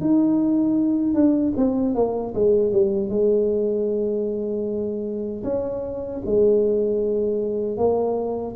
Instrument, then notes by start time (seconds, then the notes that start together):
tuba
0.00 D#4
1.14 D4
1.56 C4
1.94 A#3
2.34 G#3
2.72 G3
3.09 G#3
5.43 C#4
6.25 G#3
7.77 A#3